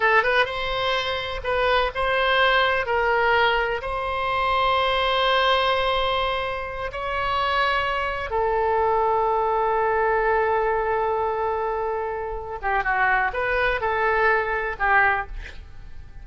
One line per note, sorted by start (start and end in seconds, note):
0.00 0.23 A4
0.23 0.45 B4
0.45 1.40 C5
1.43 1.91 B4
1.94 2.86 C5
2.86 3.81 A#4
3.81 6.91 C5
6.92 8.30 C#5
8.30 12.58 A4
12.61 12.83 G4
12.83 13.31 F#4
13.33 13.80 B4
13.80 14.76 A4
14.79 15.26 G4